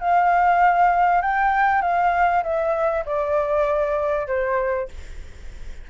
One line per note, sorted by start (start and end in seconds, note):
0.00 1.22 F5
1.22 1.82 G5
1.82 2.43 F5
2.43 3.04 E5
3.06 4.27 D5
4.27 4.88 C5